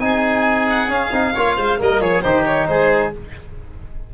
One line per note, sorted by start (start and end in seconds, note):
0.00 0.89 C4
0.00 0.89 D#4
0.00 1.34 G#4
0.00 0.67 G#5
0.70 0.92 F#5
0.89 1.11 C#4
0.89 1.81 F5
1.12 1.35 C4
1.12 1.34 D#4
1.34 1.57 A#3
1.34 1.78 F4
1.34 1.56 C#5
1.56 1.80 G#3
1.56 1.79 C5
1.78 2.01 G3
1.78 2.23 A#3
1.78 2.02 A#4
1.78 2.02 D#5
2.01 2.23 F3
2.01 2.24 G#4
2.01 2.22 C#5
2.22 2.69 D#3
2.22 3.13 D#4
2.22 2.68 G4
2.22 2.44 C5
2.46 2.68 C#5
2.68 3.13 G#3
2.68 3.15 G#4
2.68 3.12 C5